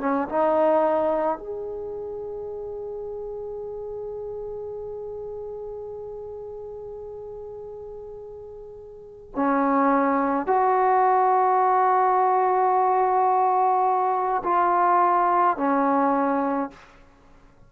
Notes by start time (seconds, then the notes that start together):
0.00 C#4
0.29 D#4
1.38 G#4
9.36 C#4
10.47 F#4
14.44 F4
15.57 C#4